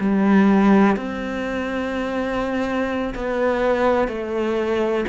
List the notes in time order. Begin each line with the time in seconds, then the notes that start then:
0.00 G3
0.96 C4
3.15 B3
4.08 A3